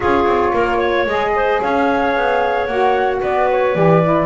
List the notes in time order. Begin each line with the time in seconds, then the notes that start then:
0.00 C#4 F4 G#4 C#5
0.25 C4
0.53 A#3 A#4
0.77 C#5
1.05 G#3 G#4 D#5
1.35 C5
1.61 C#4 C#5 F5
2.16 B3
2.66 A#3 F#4 F#5
3.19 B3 B4 D5
3.50 C#5
3.74 E3 G4 D5
4.03 E4